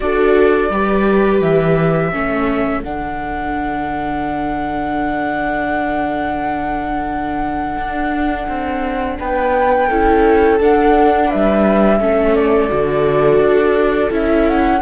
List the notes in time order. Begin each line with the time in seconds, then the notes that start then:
0.00 D4 F#4 A4 D5
0.70 G3 G4 B4
1.41 E3 E5
2.11 A3 C#4 A4
2.83 D3 D4 F#5
7.77 D4
8.47 C4
9.18 B3 B4 G5
9.87 C#4 E4 A4
10.60 D4 F#5
11.26 B4 E5
11.34 G3
11.99 A3 C#4 A4
12.35 D5
12.70 D3 F#4
13.39 D4
14.10 C#4 E4 E5
14.48 F#5